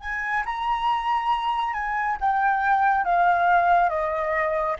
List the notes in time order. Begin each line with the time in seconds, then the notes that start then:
0.00 G#5
0.45 A#5
1.73 G#5
2.20 G5
3.04 F5
3.89 D#5